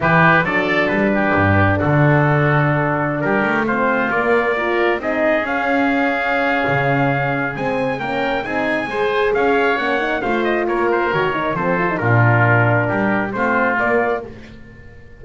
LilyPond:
<<
  \new Staff \with { instrumentName = "trumpet" } { \time 4/4 \tempo 4 = 135 b'4 d''4 b'2 | a'2.~ a'16 ais'8.~ | ais'16 c''4 d''2 dis''8.~ | dis''16 f''2.~ f''8.~ |
f''4 gis''4 g''4 gis''4~ | gis''4 f''4 fis''4 f''8 dis''8 | cis''8 c''8 cis''4 c''4 ais'4~ | ais'2 c''4 d''4 | }
  \new Staff \with { instrumentName = "oboe" } { \time 4/4 g'4 a'4. g'4. | fis'2.~ fis'16 g'8.~ | g'16 f'2 ais'4 gis'8.~ | gis'1~ |
gis'2 ais'4 gis'4 | c''4 cis''2 c''4 | ais'2 a'4 f'4~ | f'4 g'4 f'2 | }
  \new Staff \with { instrumentName = "horn" } { \time 4/4 e'4 d'2.~ | d'1~ | d'16 c'4 ais4 f'4 dis'8.~ | dis'16 cis'2.~ cis'8.~ |
cis'4 c'4 cis'4 dis'4 | gis'2 cis'8 dis'8 f'4~ | f'4 fis'8 dis'8 c'8 f'16 dis'16 d'4~ | d'2 c'4 ais4 | }
  \new Staff \with { instrumentName = "double bass" } { \time 4/4 e4 fis4 g4 g,4 | d2.~ d16 g8 a16~ | a4~ a16 ais2 c'8.~ | c'16 cis'2~ cis'8. cis4~ |
cis4 gis4 ais4 c'4 | gis4 cis'4 ais4 a4 | ais4 dis4 f4 ais,4~ | ais,4 g4 a4 ais4 | }
>>